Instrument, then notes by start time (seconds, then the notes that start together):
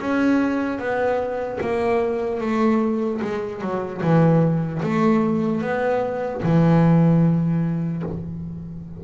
double bass
0.00 C#4
0.78 B3
1.60 A#3
2.40 A3
3.21 G#3
3.61 F#3
4.01 E3
4.83 A3
5.61 B3
6.43 E3